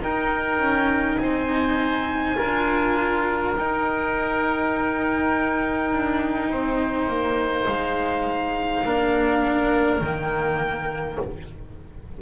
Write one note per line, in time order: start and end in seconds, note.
0.00 0.58 D#4
0.00 2.36 D#4
0.00 1.19 A#4
0.00 1.18 G5
0.58 1.17 C#4
1.18 2.37 C4
1.18 2.37 C5
1.18 3.54 G#5
2.36 3.57 D4
2.36 3.53 F4
2.36 6.49 A#4
3.57 5.92 D#4
3.57 8.86 D#4
3.57 7.67 G5
5.92 6.50 D4
6.50 7.08 C4
6.50 8.85 C5
7.08 7.67 A#3
7.67 8.85 G#3
7.67 10.01 F5
8.85 10.01 A#3
8.85 10.03 D4
8.85 11.20 A#4
10.01 11.18 D#3
10.01 11.21 A#3
10.01 11.18 G5